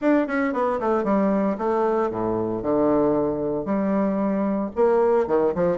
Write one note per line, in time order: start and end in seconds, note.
0.01 0.27 D4
0.27 0.53 C#4
0.53 0.79 B3
0.80 1.04 A3
1.04 1.56 G3
1.58 2.10 A3
2.10 2.62 A2
2.62 3.65 D3
3.65 4.70 G3
4.75 5.27 A#3
5.27 5.53 D#3
5.55 5.78 F3